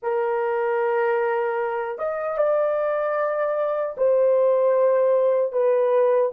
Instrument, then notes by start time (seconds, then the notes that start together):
horn
0.02 A#4
1.98 D#5
2.37 D5
3.97 C5
5.52 B4